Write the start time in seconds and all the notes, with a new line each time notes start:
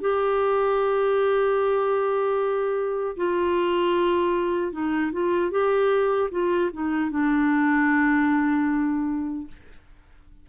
0.00 G4
3.16 F4
4.72 D#4
5.12 F4
5.50 G4
6.31 F4
6.72 D#4
7.11 D4